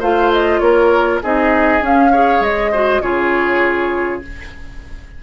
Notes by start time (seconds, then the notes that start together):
0.00 A3 F4 C5 F5
0.33 D#5
0.59 A#3 A#4 C#5
1.23 C4 D#4 G#4 D#5
1.81 C#4 F5
2.12 G#4 C#5
2.41 G#3 D#5
2.72 F#4 C5
3.02 C#3 F4 G#4 C#5